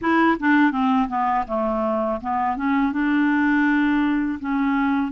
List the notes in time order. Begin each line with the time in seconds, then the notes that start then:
0.01 E4
0.39 D4
0.71 C4
1.08 B3
1.47 A3
2.21 B3
2.56 C#4
2.92 D4
4.39 C#4